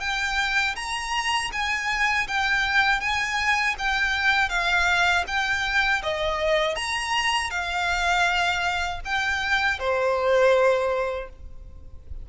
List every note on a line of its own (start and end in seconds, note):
0.00 0.75 G5
0.76 1.51 A#5
1.52 2.27 G#5
2.28 3.00 G5
3.00 3.75 G#5
3.78 4.49 G5
4.49 5.24 F5
5.27 6.02 G5
6.03 6.76 D#5
6.76 7.50 A#5
7.50 9.00 F5
9.05 9.79 G5
9.79 11.29 C5